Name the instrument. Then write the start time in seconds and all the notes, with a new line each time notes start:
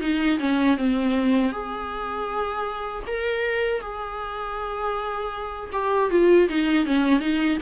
viola
0.00 D#4
0.39 C#4
0.77 C4
1.52 G#4
3.07 A#4
3.80 G#4
5.72 G4
6.10 F4
6.48 D#4
6.85 C#4
7.19 D#4